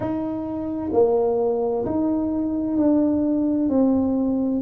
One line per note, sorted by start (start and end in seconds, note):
0.00 0.91 D#4
0.92 1.85 A#3
1.85 2.77 D#4
2.77 3.69 D4
3.69 4.61 C4